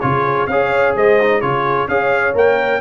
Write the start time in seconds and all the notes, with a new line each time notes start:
0.00 C#3 F4 G#4 C#5
0.47 C#4 G#4 C#5 F5
0.95 G#3 C5 D#5
1.20 D#4
1.41 C#3 F4 G#4 C#5
1.87 C#4 G#4 C#5 F5
2.34 A#3 A#4 G5